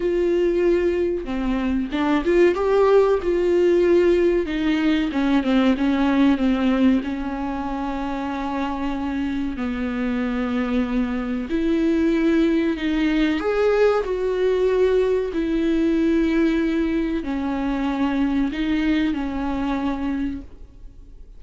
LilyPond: \new Staff \with { instrumentName = "viola" } { \time 4/4 \tempo 4 = 94 f'2 c'4 d'8 f'8 | g'4 f'2 dis'4 | cis'8 c'8 cis'4 c'4 cis'4~ | cis'2. b4~ |
b2 e'2 | dis'4 gis'4 fis'2 | e'2. cis'4~ | cis'4 dis'4 cis'2 | }